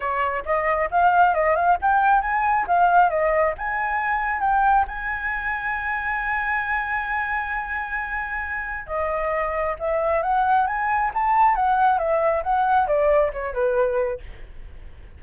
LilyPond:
\new Staff \with { instrumentName = "flute" } { \time 4/4 \tempo 4 = 135 cis''4 dis''4 f''4 dis''8 f''8 | g''4 gis''4 f''4 dis''4 | gis''2 g''4 gis''4~ | gis''1~ |
gis''1 | dis''2 e''4 fis''4 | gis''4 a''4 fis''4 e''4 | fis''4 d''4 cis''8 b'4. | }